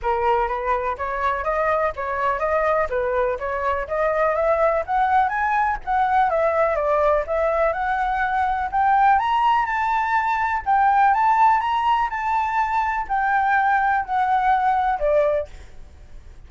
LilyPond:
\new Staff \with { instrumentName = "flute" } { \time 4/4 \tempo 4 = 124 ais'4 b'4 cis''4 dis''4 | cis''4 dis''4 b'4 cis''4 | dis''4 e''4 fis''4 gis''4 | fis''4 e''4 d''4 e''4 |
fis''2 g''4 ais''4 | a''2 g''4 a''4 | ais''4 a''2 g''4~ | g''4 fis''2 d''4 | }